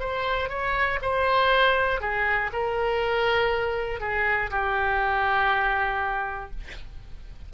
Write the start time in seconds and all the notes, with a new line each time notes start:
0.00 C5
0.49 C#5
1.01 C5
2.01 G#4
2.53 A#4
4.00 G#4
4.50 G4